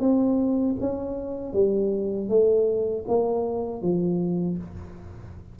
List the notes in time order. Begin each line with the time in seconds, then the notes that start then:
0.00 C4
0.80 C#4
1.53 G3
2.30 A3
3.08 A#3
3.82 F3